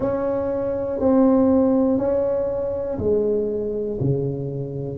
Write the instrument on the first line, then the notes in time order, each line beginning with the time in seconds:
tuba
0.00 C#4
1.00 C4
1.97 C#4
2.98 G#3
4.00 C#3